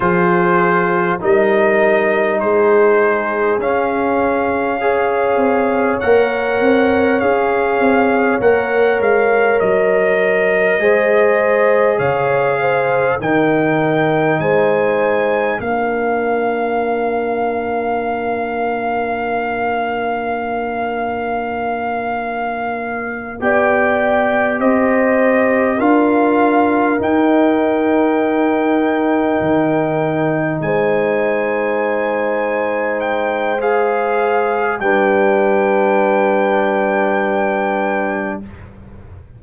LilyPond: <<
  \new Staff \with { instrumentName = "trumpet" } { \time 4/4 \tempo 4 = 50 c''4 dis''4 c''4 f''4~ | f''4 fis''4 f''4 fis''8 f''8 | dis''2 f''4 g''4 | gis''4 f''2.~ |
f''2.~ f''8 g''8~ | g''8 dis''4 f''4 g''4.~ | g''4. gis''2 g''8 | f''4 g''2. | }
  \new Staff \with { instrumentName = "horn" } { \time 4/4 gis'4 ais'4 gis'2 | cis''1~ | cis''4 c''4 cis''8 c''8 ais'4 | c''4 ais'2.~ |
ais'2.~ ais'8 d''8~ | d''8 c''4 ais'2~ ais'8~ | ais'4. c''2~ c''8~ | c''4 b'2. | }
  \new Staff \with { instrumentName = "trombone" } { \time 4/4 f'4 dis'2 cis'4 | gis'4 ais'4 gis'4 ais'4~ | ais'4 gis'2 dis'4~ | dis'4 d'2.~ |
d'2.~ d'8 g'8~ | g'4. f'4 dis'4.~ | dis'1 | gis'4 d'2. | }
  \new Staff \with { instrumentName = "tuba" } { \time 4/4 f4 g4 gis4 cis'4~ | cis'8 c'8 ais8 c'8 cis'8 c'8 ais8 gis8 | fis4 gis4 cis4 dis4 | gis4 ais2.~ |
ais2.~ ais8 b8~ | b8 c'4 d'4 dis'4.~ | dis'8 dis4 gis2~ gis8~ | gis4 g2. | }
>>